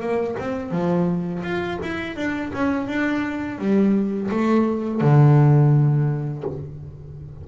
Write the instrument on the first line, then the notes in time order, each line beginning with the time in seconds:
double bass
0.00 A#3
0.39 C4
0.71 F3
1.43 F4
1.82 E4
2.16 D4
2.53 C#4
2.87 D4
3.58 G3
4.31 A3
5.01 D3